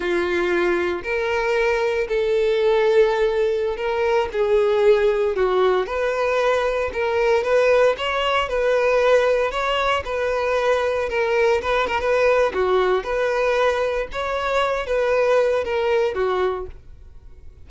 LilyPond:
\new Staff \with { instrumentName = "violin" } { \time 4/4 \tempo 4 = 115 f'2 ais'2 | a'2.~ a'16 ais'8.~ | ais'16 gis'2 fis'4 b'8.~ | b'4~ b'16 ais'4 b'4 cis''8.~ |
cis''16 b'2 cis''4 b'8.~ | b'4~ b'16 ais'4 b'8 ais'16 b'4 | fis'4 b'2 cis''4~ | cis''8 b'4. ais'4 fis'4 | }